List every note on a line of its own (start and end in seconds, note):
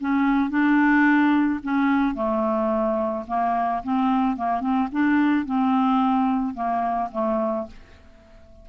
0.00 0.50 C#4
0.50 1.60 D4
1.63 2.14 C#4
2.14 3.24 A3
3.27 3.82 A#3
3.83 4.36 C4
4.36 4.61 A#3
4.61 4.88 C4
4.92 5.45 D4
5.45 6.54 C4
6.54 7.09 A#3
7.12 7.67 A3